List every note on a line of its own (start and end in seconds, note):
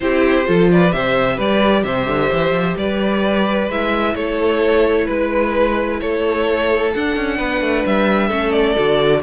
0.00 0.47 C4
0.00 0.45 E4
0.00 0.47 G4
0.00 0.69 C5
0.45 0.93 F3
0.45 0.91 F4
0.45 0.70 A4
0.71 0.94 B4
0.71 0.92 D5
0.91 1.38 C3
0.91 3.68 G4
0.91 1.35 C5
0.91 1.38 E5
1.35 1.84 G3
1.35 1.81 B4
1.35 1.83 D5
1.83 2.07 C3
1.83 2.76 C5
1.83 2.76 E5
2.07 2.30 D3
2.32 2.51 E3
2.51 2.74 F3
2.76 3.68 G3
2.76 4.15 B4
2.76 3.70 D5
3.68 4.15 G#3
3.68 6.94 E4
3.68 4.15 E5
4.15 5.07 A3
4.15 5.04 A4
4.15 5.07 C#5
5.04 6.01 G#3
5.04 5.97 B4
5.04 6.00 B4
6.00 6.94 A3
6.00 7.37 A4
6.00 6.92 C#5
6.93 8.30 D4
6.93 7.16 D4
6.93 7.85 F#5
7.16 7.39 C#4
7.37 7.61 B3
7.37 8.27 B4
7.61 7.84 A3
7.85 8.30 G3
7.85 8.52 E5
8.27 8.76 A3
8.27 8.76 C#4
8.27 9.20 A4
8.52 9.21 D5
8.76 9.22 D3
8.76 9.22 F#4